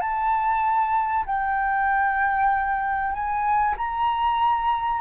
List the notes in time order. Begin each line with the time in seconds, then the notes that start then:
0.00 A5
1.26 G5
3.12 G#5
3.77 A#5